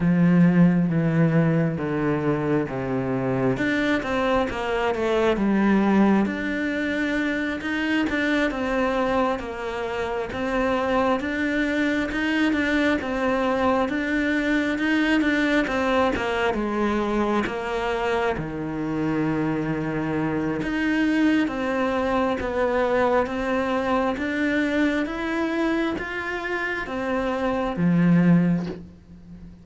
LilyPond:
\new Staff \with { instrumentName = "cello" } { \time 4/4 \tempo 4 = 67 f4 e4 d4 c4 | d'8 c'8 ais8 a8 g4 d'4~ | d'8 dis'8 d'8 c'4 ais4 c'8~ | c'8 d'4 dis'8 d'8 c'4 d'8~ |
d'8 dis'8 d'8 c'8 ais8 gis4 ais8~ | ais8 dis2~ dis8 dis'4 | c'4 b4 c'4 d'4 | e'4 f'4 c'4 f4 | }